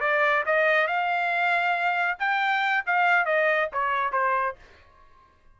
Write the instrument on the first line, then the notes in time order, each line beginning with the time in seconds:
trumpet
0.00 D5
0.45 D#5
0.87 F5
2.19 G5
2.86 F5
3.25 D#5
3.72 C#5
4.12 C5